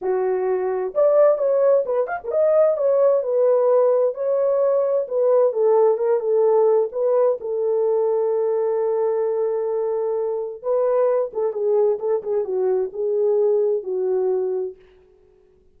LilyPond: \new Staff \with { instrumentName = "horn" } { \time 4/4 \tempo 4 = 130 fis'2 d''4 cis''4 | b'8 f''16 ais'16 dis''4 cis''4 b'4~ | b'4 cis''2 b'4 | a'4 ais'8 a'4. b'4 |
a'1~ | a'2. b'4~ | b'8 a'8 gis'4 a'8 gis'8 fis'4 | gis'2 fis'2 | }